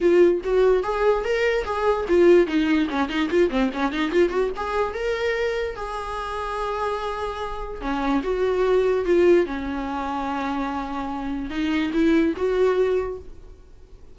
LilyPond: \new Staff \with { instrumentName = "viola" } { \time 4/4 \tempo 4 = 146 f'4 fis'4 gis'4 ais'4 | gis'4 f'4 dis'4 cis'8 dis'8 | f'8 c'8 cis'8 dis'8 f'8 fis'8 gis'4 | ais'2 gis'2~ |
gis'2. cis'4 | fis'2 f'4 cis'4~ | cis'1 | dis'4 e'4 fis'2 | }